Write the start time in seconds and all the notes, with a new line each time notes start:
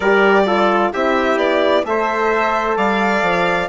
0.00 G3 G4 A#4 D5
0.46 F4 A4
0.92 C4 E4 G4 E5
1.36 B3 D5
1.83 A3 A4 C5 E5
2.77 G3 D5 F5
3.22 F3